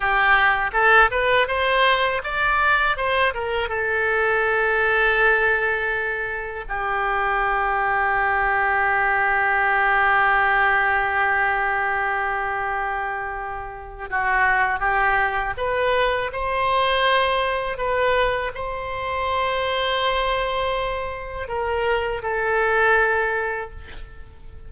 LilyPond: \new Staff \with { instrumentName = "oboe" } { \time 4/4 \tempo 4 = 81 g'4 a'8 b'8 c''4 d''4 | c''8 ais'8 a'2.~ | a'4 g'2.~ | g'1~ |
g'2. fis'4 | g'4 b'4 c''2 | b'4 c''2.~ | c''4 ais'4 a'2 | }